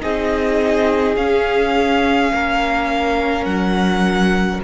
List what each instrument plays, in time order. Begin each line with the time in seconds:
0.00 cello C4, viola D#4, violin G#4 D#5
1.16 cello C#4, viola C#4, violin F5
2.32 cello A#3, violin A#4
3.45 cello F#3, violin F#5